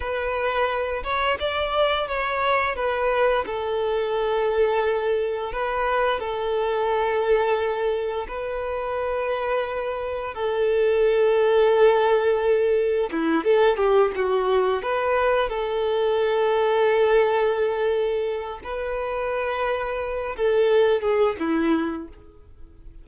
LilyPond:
\new Staff \with { instrumentName = "violin" } { \time 4/4 \tempo 4 = 87 b'4. cis''8 d''4 cis''4 | b'4 a'2. | b'4 a'2. | b'2. a'4~ |
a'2. e'8 a'8 | g'8 fis'4 b'4 a'4.~ | a'2. b'4~ | b'4. a'4 gis'8 e'4 | }